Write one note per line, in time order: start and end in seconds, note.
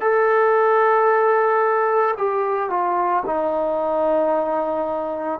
0.00 2.14 A4
2.17 2.69 G4
2.69 3.23 F4
3.25 5.39 D#4